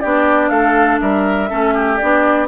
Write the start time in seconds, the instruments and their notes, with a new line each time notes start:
0.00 bassoon B3, clarinet D4, oboe G4, flute D5
0.49 bassoon A3, oboe A4, flute F5
1.00 bassoon G3, oboe A#4, flute E5
1.49 bassoon A3, clarinet C#4, oboe A4
1.74 oboe G4
1.97 bassoon B3, clarinet D4, flute D5